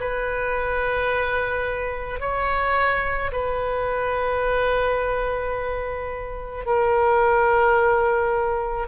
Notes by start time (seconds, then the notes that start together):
0.00 B4
2.20 C#5
3.32 B4
6.65 A#4